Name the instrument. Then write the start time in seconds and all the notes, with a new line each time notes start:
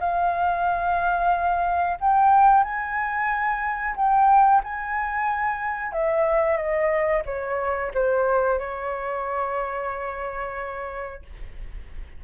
flute
0.00 F5
2.00 G5
2.63 G#5
3.96 G5
4.64 G#5
5.93 E5
6.57 D#5
7.26 C#5
7.94 C5
8.59 C#5